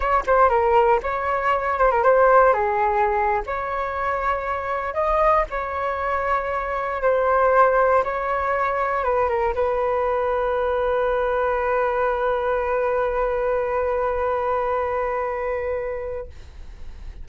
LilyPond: \new Staff \with { instrumentName = "flute" } { \time 4/4 \tempo 4 = 118 cis''8 c''8 ais'4 cis''4. c''16 ais'16 | c''4 gis'4.~ gis'16 cis''4~ cis''16~ | cis''4.~ cis''16 dis''4 cis''4~ cis''16~ | cis''4.~ cis''16 c''2 cis''16~ |
cis''4.~ cis''16 b'8 ais'8 b'4~ b'16~ | b'1~ | b'1~ | b'1 | }